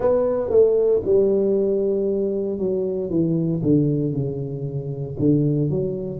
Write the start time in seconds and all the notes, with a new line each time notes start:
0.00 B3
0.50 A3
1.04 G3
2.58 F#3
3.09 E3
3.62 D3
4.13 C#3
5.19 D3
5.69 F#3